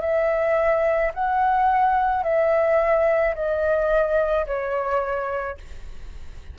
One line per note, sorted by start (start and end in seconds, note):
0.00 1.11 E5
1.14 2.23 F#5
2.23 3.34 E5
3.34 4.45 D#5
4.46 5.57 C#5